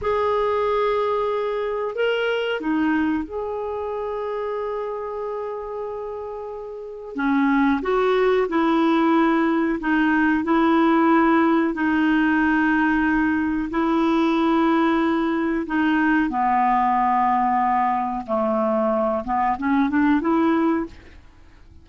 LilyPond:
\new Staff \with { instrumentName = "clarinet" } { \time 4/4 \tempo 4 = 92 gis'2. ais'4 | dis'4 gis'2.~ | gis'2. cis'4 | fis'4 e'2 dis'4 |
e'2 dis'2~ | dis'4 e'2. | dis'4 b2. | a4. b8 cis'8 d'8 e'4 | }